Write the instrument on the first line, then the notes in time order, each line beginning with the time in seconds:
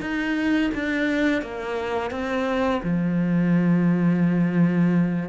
cello
0.00 D#4
0.74 D4
1.42 A#3
2.10 C4
2.83 F3